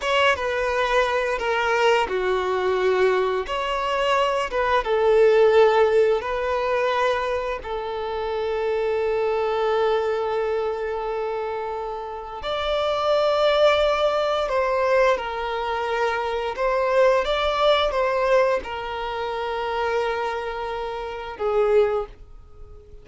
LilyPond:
\new Staff \with { instrumentName = "violin" } { \time 4/4 \tempo 4 = 87 cis''8 b'4. ais'4 fis'4~ | fis'4 cis''4. b'8 a'4~ | a'4 b'2 a'4~ | a'1~ |
a'2 d''2~ | d''4 c''4 ais'2 | c''4 d''4 c''4 ais'4~ | ais'2. gis'4 | }